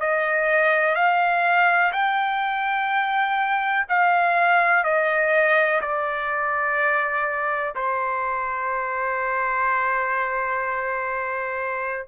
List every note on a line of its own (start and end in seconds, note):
0.00 0.95 D#5
0.95 1.92 F5
1.92 3.86 G5
3.89 4.84 F5
4.84 5.81 D#5
5.81 7.75 D5
7.75 12.08 C5